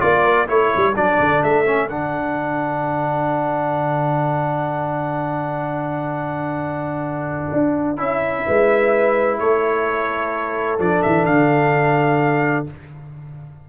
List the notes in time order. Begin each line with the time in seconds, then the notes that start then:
0.00 A#3 F4 D5
0.24 A#4
0.47 A3 E4 A4 C#5
0.77 G3
0.96 F#3 D4 D5
1.20 D3
1.43 A3 E5
1.66 C#4
1.89 D3 D4 F#5
7.53 D4
7.98 C#4 E4 E5
8.47 G#3 B4
9.39 A3 A4 C#5
10.79 F3 D4 D5
11.03 E3 E5
11.26 D3 F5